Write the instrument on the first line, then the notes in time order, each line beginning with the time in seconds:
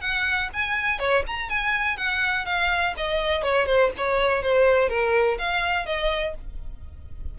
violin
0.00 F#5
0.53 G#5
0.99 C#5
1.27 A#5
1.49 G#5
1.97 F#5
2.45 F5
2.96 D#5
3.43 C#5
3.66 C5
3.97 C#5
4.42 C5
4.88 A#4
5.38 F5
5.85 D#5